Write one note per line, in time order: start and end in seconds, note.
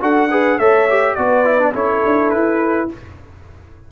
0.00 0.58 D4
0.00 0.29 F#4
0.00 0.30 A4
0.00 0.58 F#5
0.30 0.59 G#4
0.30 0.58 B4
0.58 1.16 A3
0.58 0.88 A4
0.58 1.16 C#5
0.58 1.15 E5
0.89 1.18 G4
1.15 1.74 B3
1.15 1.44 F#4
1.15 1.73 B4
1.15 1.72 D5
1.44 1.58 E4
1.58 1.73 D4
1.73 2.03 C#4
1.73 2.89 E4
1.73 2.88 A4
1.73 2.30 C#5
2.05 2.33 D4
2.30 2.91 E4
2.30 2.87 B4